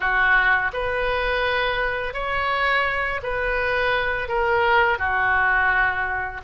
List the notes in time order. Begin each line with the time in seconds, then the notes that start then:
0.00 F#4
0.73 B4
2.13 C#5
3.22 B4
4.28 A#4
4.98 F#4